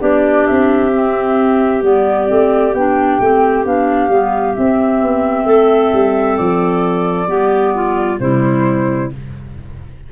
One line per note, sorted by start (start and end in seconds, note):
0.00 0.47 B3
0.00 0.91 D4
0.00 5.46 G4
0.00 0.47 D5
0.47 1.83 C4
0.47 1.83 E5
0.92 1.83 C4
1.83 2.28 G3
1.83 2.28 B3
1.83 2.74 D5
2.28 2.74 A3
2.28 2.73 C4
2.74 3.20 B3
2.74 3.22 D4
2.74 3.65 G5
3.20 3.66 A3
3.20 3.65 C4
3.65 4.09 B3
3.65 4.10 D4
3.65 4.55 F5
4.09 4.54 G3
4.09 4.54 B3
4.54 7.27 C4
4.54 5.02 C4
4.54 6.37 E5
5.02 5.46 B3
5.46 5.91 A3
5.46 7.28 A4
5.93 6.38 G3
6.37 7.28 F3
6.37 8.19 D5
7.27 8.19 G3
7.27 8.18 B3
7.27 7.73 G4
7.75 8.20 F4
8.20 9.11 C3
8.20 9.12 G3
8.20 9.12 E4
8.20 9.11 C5